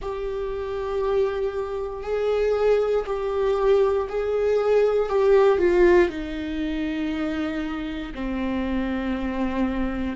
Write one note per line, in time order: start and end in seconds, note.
0.01 2.03 G4
2.03 3.05 G#4
3.06 4.07 G4
4.09 5.08 G#4
5.08 5.58 G4
5.58 6.09 F4
6.09 8.12 D#4
8.14 10.16 C4